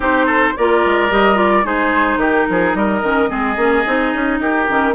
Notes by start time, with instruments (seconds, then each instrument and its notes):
0.00 bassoon C4, clarinet D#4, oboe G4, flute C5
0.25 oboe A4
0.56 bassoon A#3, clarinet F4, oboe A#4, flute D5
0.85 bassoon G#3
1.09 bassoon G3, clarinet G4, flute D#5
1.35 clarinet F4, flute D5
1.63 bassoon G#3, clarinet D#4, oboe G#4, flute C5
2.17 bassoon D#3, oboe G4, flute A#4
2.49 bassoon F3, oboe G#4
2.74 bassoon G3, oboe A#4, flute D#5
3.02 bassoon D#3, clarinet C#4
3.28 bassoon G#3, clarinet C4, oboe G#4
3.56 bassoon A#3, clarinet C#4
3.85 bassoon C4, clarinet D#4
4.14 bassoon C#4
4.38 bassoon D#4, oboe G4, flute A#4
4.67 bassoon D#3, clarinet C#4